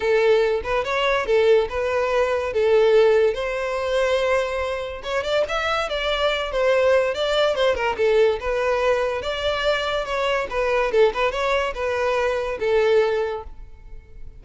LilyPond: \new Staff \with { instrumentName = "violin" } { \time 4/4 \tempo 4 = 143 a'4. b'8 cis''4 a'4 | b'2 a'2 | c''1 | cis''8 d''8 e''4 d''4. c''8~ |
c''4 d''4 c''8 ais'8 a'4 | b'2 d''2 | cis''4 b'4 a'8 b'8 cis''4 | b'2 a'2 | }